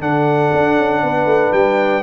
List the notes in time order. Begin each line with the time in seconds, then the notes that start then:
0.00 D3 D4 A4 F#5
0.53 D4
0.78 C#4
1.03 B3 B4
1.26 A3
1.53 G3 G5